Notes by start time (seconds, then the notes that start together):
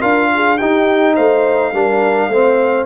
0.00 D4 F4 A#4 F5
0.34 G#4
0.57 D#4 G4 G5
1.14 A3 C5 F5
1.73 G3 D4 A#4
2.28 A3 C4 C5